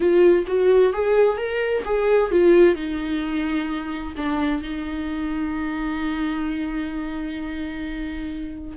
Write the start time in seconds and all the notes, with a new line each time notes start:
0.00 F4
0.47 F#4
0.93 G#4
1.37 A#4
1.85 G#4
2.31 F4
2.75 D#4
4.16 D4
4.62 D#4